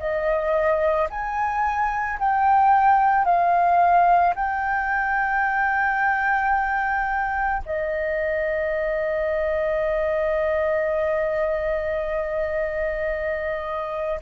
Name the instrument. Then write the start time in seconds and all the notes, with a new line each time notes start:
flute
0.00 D#5
1.10 G#5
2.20 G5
3.25 F5
4.36 G5
7.66 D#5